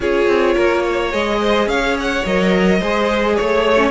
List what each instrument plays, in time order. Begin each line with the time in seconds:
0.00 cello C#4, viola F4, violin G#4 C#5
0.27 cello C4
0.54 cello A#3, violin A#4
0.82 violin C#5
1.11 cello G#3, viola G#4, violin D#5
1.40 violin C5
1.66 cello C#4, violin C#5 F5
2.00 violin F#5
2.25 cello F#3, viola A#4, violin D#5
2.79 cello G#3, viola G#4, violin C5
3.35 cello A3, violin C#5
3.77 viola C#4